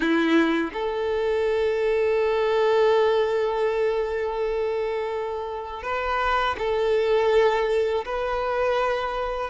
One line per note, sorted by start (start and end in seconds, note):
0.00 0.71 E4
0.73 5.82 A4
5.82 6.56 B4
6.58 8.05 A4
8.05 9.50 B4